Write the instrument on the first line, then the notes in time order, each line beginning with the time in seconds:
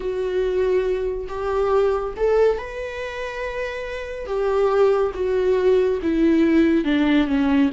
viola
0.00 F#4
1.28 G4
2.17 A4
2.58 B4
4.26 G4
5.14 F#4
6.02 E4
6.84 D4
7.27 C#4